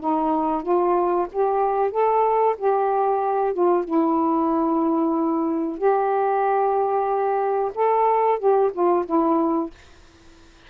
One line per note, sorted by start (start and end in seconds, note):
0.00 0.63 D#4
0.63 1.27 F4
1.33 1.91 G4
1.91 2.56 A4
2.58 3.54 G4
3.54 3.85 F4
3.85 5.78 E4
5.78 7.71 G4
7.75 8.39 A4
8.39 8.71 G4
8.73 9.05 F4
9.06 9.70 E4